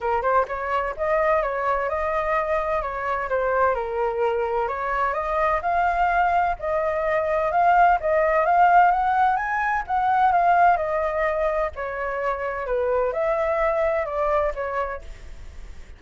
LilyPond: \new Staff \with { instrumentName = "flute" } { \time 4/4 \tempo 4 = 128 ais'8 c''8 cis''4 dis''4 cis''4 | dis''2 cis''4 c''4 | ais'2 cis''4 dis''4 | f''2 dis''2 |
f''4 dis''4 f''4 fis''4 | gis''4 fis''4 f''4 dis''4~ | dis''4 cis''2 b'4 | e''2 d''4 cis''4 | }